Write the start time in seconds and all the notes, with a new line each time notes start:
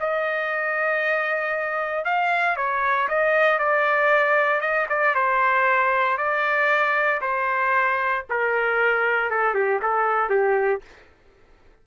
0.00 D#5
2.05 F5
2.57 C#5
3.08 D#5
3.59 D5
4.61 D#5
4.89 D5
5.15 C5
6.17 D5
7.21 C5
8.29 A#4
9.31 A4
9.55 G4
9.82 A4
10.30 G4